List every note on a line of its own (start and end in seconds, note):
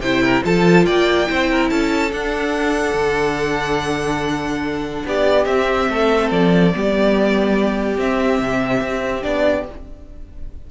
0.00 0.42 C3
0.00 0.44 E4
0.00 0.23 C5
0.00 0.43 G5
0.23 0.44 A#4
0.44 0.87 F3
0.44 1.27 F4
0.44 0.86 A4
0.44 0.85 A5
0.85 1.29 A#3
0.85 1.28 D5
0.85 1.69 G5
1.27 1.71 C4
1.27 2.11 E4
1.27 1.50 C5
1.50 1.70 A#4
1.70 2.12 C#4
1.70 5.06 A4
1.70 2.12 A5
2.12 5.47 D4
2.12 2.94 D4
2.12 5.06 F#5
2.94 5.04 D3
5.06 5.46 B3
5.06 5.91 G4
5.06 5.46 D5
5.46 5.88 C4
5.46 6.72 C4
5.46 6.30 E5
5.89 6.31 A3
5.89 6.75 A4
6.31 6.73 F3
6.31 7.99 D5
6.73 7.98 G3
6.73 7.99 B3
6.73 9.71 G4
7.98 8.39 C4
7.98 9.22 C4
7.98 9.23 E5
8.39 8.81 C3
8.81 9.23 C4
9.22 9.68 B3
9.22 9.64 D4
9.22 9.65 D5